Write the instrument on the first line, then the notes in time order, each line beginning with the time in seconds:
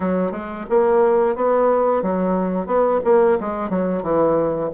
bassoon
0.00 F#3
0.31 G#3
0.69 A#3
1.35 B3
2.02 F#3
2.66 B3
3.04 A#3
3.40 G#3
3.69 F#3
4.02 E3